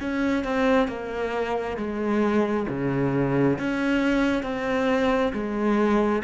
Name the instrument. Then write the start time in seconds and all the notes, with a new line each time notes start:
cello
0.00 C#4
0.44 C4
0.88 A#3
1.77 G#3
2.68 C#3
3.58 C#4
4.43 C4
5.33 G#3